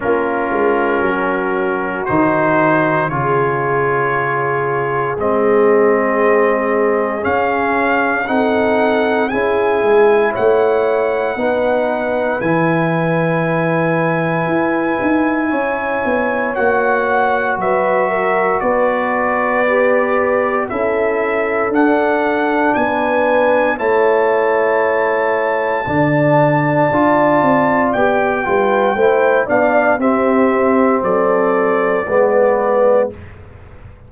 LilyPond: <<
  \new Staff \with { instrumentName = "trumpet" } { \time 4/4 \tempo 4 = 58 ais'2 c''4 cis''4~ | cis''4 dis''2 f''4 | fis''4 gis''4 fis''2 | gis''1 |
fis''4 e''4 d''2 | e''4 fis''4 gis''4 a''4~ | a''2. g''4~ | g''8 f''8 e''4 d''2 | }
  \new Staff \with { instrumentName = "horn" } { \time 4/4 f'4 fis'2 gis'4~ | gis'1 | a'4 gis'4 cis''4 b'4~ | b'2. cis''4~ |
cis''4 b'8 ais'8 b'2 | a'2 b'4 cis''4~ | cis''4 d''2~ d''8 b'8 | c''8 d''8 g'4 a'4 b'4 | }
  \new Staff \with { instrumentName = "trombone" } { \time 4/4 cis'2 dis'4 f'4~ | f'4 c'2 cis'4 | dis'4 e'2 dis'4 | e'1 |
fis'2. g'4 | e'4 d'2 e'4~ | e'4 d'4 f'4 g'8 f'8 | e'8 d'8 c'2 b4 | }
  \new Staff \with { instrumentName = "tuba" } { \time 4/4 ais8 gis8 fis4 dis4 cis4~ | cis4 gis2 cis'4 | c'4 cis'8 gis8 a4 b4 | e2 e'8 dis'8 cis'8 b8 |
ais4 fis4 b2 | cis'4 d'4 b4 a4~ | a4 d4 d'8 c'8 b8 g8 | a8 b8 c'4 fis4 gis4 | }
>>